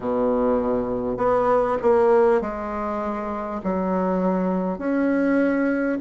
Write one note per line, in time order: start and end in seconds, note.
0.00 1.17 B2
1.17 1.77 B3
1.82 2.41 A#3
2.41 3.61 G#3
3.63 4.78 F#3
4.78 5.98 C#4